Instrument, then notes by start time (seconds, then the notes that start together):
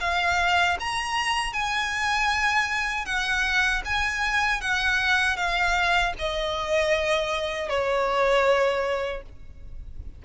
violin
0.00 F5
0.80 A#5
1.53 G#5
3.05 F#5
3.85 G#5
4.61 F#5
5.36 F5
6.18 D#5
7.69 C#5